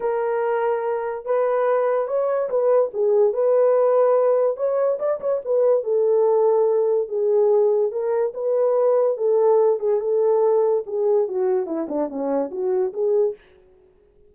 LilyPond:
\new Staff \with { instrumentName = "horn" } { \time 4/4 \tempo 4 = 144 ais'2. b'4~ | b'4 cis''4 b'4 gis'4 | b'2. cis''4 | d''8 cis''8 b'4 a'2~ |
a'4 gis'2 ais'4 | b'2 a'4. gis'8 | a'2 gis'4 fis'4 | e'8 d'8 cis'4 fis'4 gis'4 | }